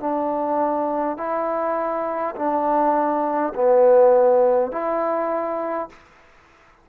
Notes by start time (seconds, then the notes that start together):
0.00 D4
1.17 E4
2.35 D4
3.55 B3
4.71 E4